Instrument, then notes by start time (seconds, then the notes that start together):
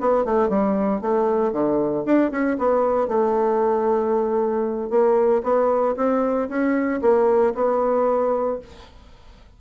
bassoon
0.00 B3
0.25 A3
0.49 G3
1.01 A3
1.52 D3
2.05 D4
2.31 C#4
2.58 B3
3.08 A3
4.90 A#3
5.43 B3
5.96 C4
6.48 C#4
7.01 A#3
7.55 B3